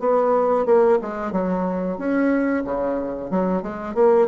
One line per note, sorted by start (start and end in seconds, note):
0.00 0.66 B3
0.66 0.99 A#3
1.02 1.32 G#3
1.32 1.98 F#3
1.98 2.64 C#4
2.65 3.31 C#3
3.31 3.63 F#3
3.63 3.95 G#3
3.95 4.28 A#3